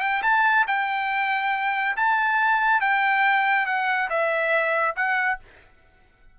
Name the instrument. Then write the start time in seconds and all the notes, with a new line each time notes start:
trumpet
0.00 G5
0.22 A5
0.67 G5
1.96 A5
2.80 G5
3.66 F#5
4.09 E5
4.96 F#5